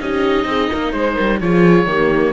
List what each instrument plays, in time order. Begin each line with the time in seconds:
0.00 cello C#4, viola D#4, horn G4, oboe D#5
0.45 cello C4, horn G#4
0.69 cello A#3, horn A#4
0.92 cello G#3, oboe C5, horn C5
1.15 cello G3, horn A#4
1.40 cello F3, viola F4, horn G#4, oboe C#5
1.85 cello D#3, viola A#3, horn G4